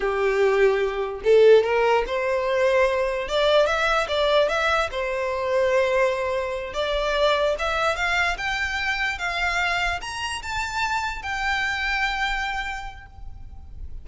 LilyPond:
\new Staff \with { instrumentName = "violin" } { \time 4/4 \tempo 4 = 147 g'2. a'4 | ais'4 c''2. | d''4 e''4 d''4 e''4 | c''1~ |
c''8 d''2 e''4 f''8~ | f''8 g''2 f''4.~ | f''8 ais''4 a''2 g''8~ | g''1 | }